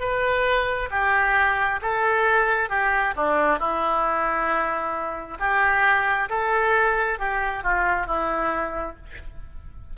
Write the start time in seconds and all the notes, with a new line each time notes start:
0.00 B4
0.91 G4
1.82 A4
2.70 G4
3.17 D4
3.59 E4
5.40 G4
6.30 A4
7.19 G4
7.64 F4
8.07 E4